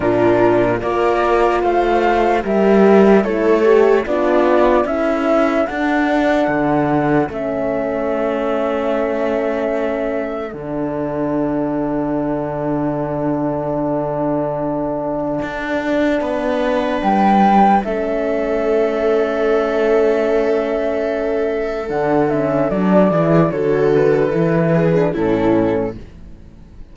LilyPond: <<
  \new Staff \with { instrumentName = "flute" } { \time 4/4 \tempo 4 = 74 ais'4 d''4 f''4 e''4 | cis''4 d''4 e''4 fis''4~ | fis''4 e''2.~ | e''4 fis''2.~ |
fis''1~ | fis''4 g''4 e''2~ | e''2. fis''8 e''8 | d''4 cis''8 b'4. a'4 | }
  \new Staff \with { instrumentName = "viola" } { \time 4/4 f'4 ais'4 c''4 ais'4 | a'4 d'4 a'2~ | a'1~ | a'1~ |
a'1 | b'2 a'2~ | a'1~ | a'8 gis'8 a'4. gis'8 e'4 | }
  \new Staff \with { instrumentName = "horn" } { \time 4/4 d'4 f'2 g'4 | e'8 g'8 f'4 e'4 d'4~ | d'4 cis'2.~ | cis'4 d'2.~ |
d'1~ | d'2 cis'2~ | cis'2. d'8 cis'8 | d'8 e'8 fis'4 e'8. d'16 cis'4 | }
  \new Staff \with { instrumentName = "cello" } { \time 4/4 ais,4 ais4 a4 g4 | a4 b4 cis'4 d'4 | d4 a2.~ | a4 d2.~ |
d2. d'4 | b4 g4 a2~ | a2. d4 | fis8 e8 d4 e4 a,4 | }
>>